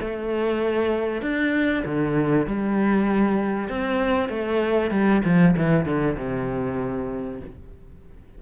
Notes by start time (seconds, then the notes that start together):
0.00 A3
1.21 D4
1.85 D3
2.47 G3
3.69 C4
4.29 A3
4.91 G3
5.24 F3
5.56 E3
5.85 D3
6.17 C3